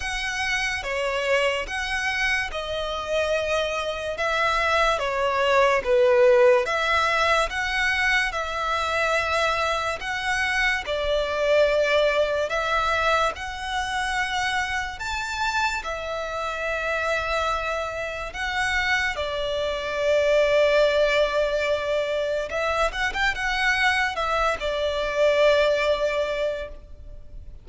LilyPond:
\new Staff \with { instrumentName = "violin" } { \time 4/4 \tempo 4 = 72 fis''4 cis''4 fis''4 dis''4~ | dis''4 e''4 cis''4 b'4 | e''4 fis''4 e''2 | fis''4 d''2 e''4 |
fis''2 a''4 e''4~ | e''2 fis''4 d''4~ | d''2. e''8 fis''16 g''16 | fis''4 e''8 d''2~ d''8 | }